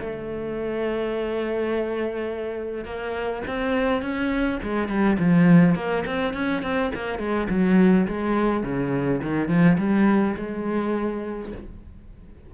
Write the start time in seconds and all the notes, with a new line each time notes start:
0.00 A3
2.85 A#3
3.47 C4
4.02 C#4
4.63 G#3
4.88 G3
5.19 F3
5.75 A#3
6.06 C4
6.33 C#4
6.62 C4
6.95 A#3
7.19 G#3
7.49 F#3
8.07 G#3
8.63 C#3
9.23 D#3
9.48 F3
9.78 G3
10.36 G#3